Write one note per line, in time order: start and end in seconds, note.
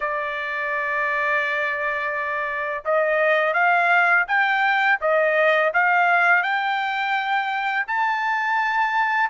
0.00 2.83 D5
2.84 3.53 D#5
3.53 4.25 F5
4.27 4.98 G5
5.00 5.72 D#5
5.73 6.42 F5
6.42 7.85 G5
7.87 9.29 A5